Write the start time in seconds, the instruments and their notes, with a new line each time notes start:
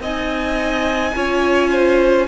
0.00 cello C4, viola D#4, violin D#5 G#5
1.15 cello C#4, viola F4, violin C#5
1.70 violin C5